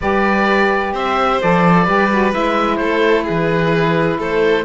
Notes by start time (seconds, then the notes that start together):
0.01 G3 G4 B4 D5
0.93 C4 C5 E5
1.41 F3 A4 D5
1.83 G3 G4 B4
2.11 F#4
2.31 G#3 E4 E5
2.76 A3 A4 C5
3.24 E3 G#4 B4
4.18 A3 A4 C5